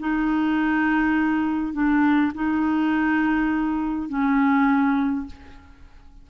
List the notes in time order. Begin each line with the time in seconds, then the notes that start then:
0.00 D#4
1.74 D4
2.35 D#4
4.09 C#4